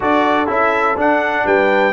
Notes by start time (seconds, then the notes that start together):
0.00 D4 F#4 A4 D5
0.47 C#4 E4 E5
0.96 D4 F#5
1.45 G3 B4 G5